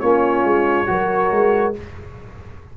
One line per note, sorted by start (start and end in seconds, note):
0.00 0.44 A#3
0.00 0.86 C#4
0.00 0.88 F4
0.00 1.74 C#5
0.44 0.87 G#3
0.86 1.31 F#3
0.86 1.73 F#4
0.86 1.77 A#4
1.31 1.75 G#3